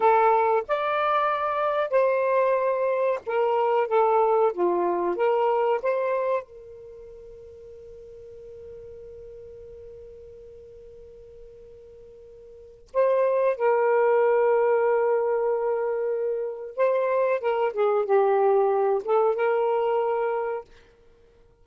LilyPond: \new Staff \with { instrumentName = "saxophone" } { \time 4/4 \tempo 4 = 93 a'4 d''2 c''4~ | c''4 ais'4 a'4 f'4 | ais'4 c''4 ais'2~ | ais'1~ |
ais'1 | c''4 ais'2.~ | ais'2 c''4 ais'8 gis'8 | g'4. a'8 ais'2 | }